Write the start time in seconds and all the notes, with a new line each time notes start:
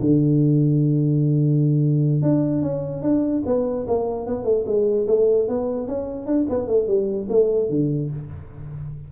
0.00 D3
2.22 D4
2.62 C#4
3.02 D4
3.46 B3
3.87 A#3
4.26 B3
4.44 A3
4.66 G#3
5.07 A3
5.48 B3
5.87 C#4
6.26 D4
6.49 B3
6.67 A3
6.87 G3
7.29 A3
7.69 D3